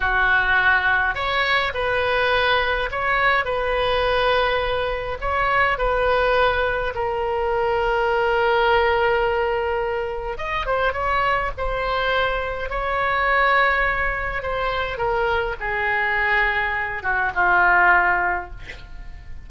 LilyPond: \new Staff \with { instrumentName = "oboe" } { \time 4/4 \tempo 4 = 104 fis'2 cis''4 b'4~ | b'4 cis''4 b'2~ | b'4 cis''4 b'2 | ais'1~ |
ais'2 dis''8 c''8 cis''4 | c''2 cis''2~ | cis''4 c''4 ais'4 gis'4~ | gis'4. fis'8 f'2 | }